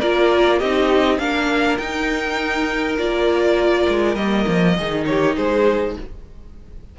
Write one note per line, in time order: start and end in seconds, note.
0.00 0.62 A#3
0.00 0.62 F4
0.00 0.59 A#4
0.00 0.59 D5
0.59 1.19 C4
0.59 1.20 D#4
0.59 1.18 G4
0.59 1.19 D#5
1.19 1.78 A#3
1.19 1.79 D4
1.19 4.76 A#4
1.19 1.78 F5
1.78 2.98 D#4
1.78 2.97 G5
2.98 3.87 A#3
2.98 4.17 F4
2.98 4.15 D5
3.88 4.16 G#3
4.15 4.45 G3
4.15 4.76 A#3
4.15 5.04 D#5
4.48 4.78 F3
4.76 5.37 D#3
4.76 5.99 D#4
4.76 5.06 G#4
5.06 5.37 G4
5.06 5.36 C#5
5.37 5.97 G#3
5.37 5.96 G#4
5.37 5.96 C5